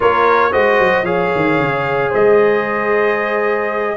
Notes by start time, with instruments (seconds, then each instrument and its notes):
0.00 tuba A#3, trombone F4, horn A#4, trumpet C#5
0.51 tuba G#3, trombone F#4, horn C5, trumpet D#5
0.79 tuba F#3
1.03 tuba F3, trombone G#4, horn C#5, trumpet F5
1.35 tuba D#3
1.58 tuba C#3
2.09 tuba G#3, horn C5, trumpet D#5